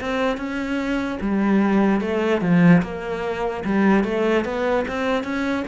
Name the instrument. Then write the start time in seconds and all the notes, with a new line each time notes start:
cello
0.00 C4
0.37 C#4
1.21 G3
2.00 A3
2.41 F3
2.82 A#3
3.64 G3
4.04 A3
4.44 B3
4.87 C4
5.23 C#4